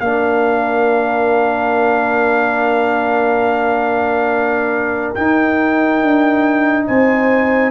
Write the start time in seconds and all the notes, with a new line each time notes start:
0.00 A#3 D4 A#4 F5
5.15 D#4 G5
6.02 D4
6.87 C4 C5 G#5